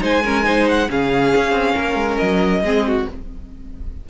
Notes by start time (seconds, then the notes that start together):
0.00 G#3 D#4 C5 G#5
0.24 C#4 A#4
0.43 D#4 C5
0.68 F#5
0.90 C#3 C#4 G#4 F5
1.36 C#4
1.51 C4
1.75 A#3 A#4
1.95 G#3
2.17 F#3 D#5
2.62 G#3 C4 G#4
2.88 F#4